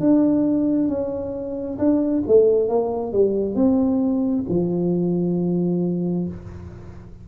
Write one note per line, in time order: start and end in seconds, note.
0.00 0.88 D4
0.88 1.78 C#4
1.78 2.23 D4
2.27 2.69 A3
2.69 3.12 A#3
3.12 3.55 G3
3.55 4.45 C4
4.49 6.28 F3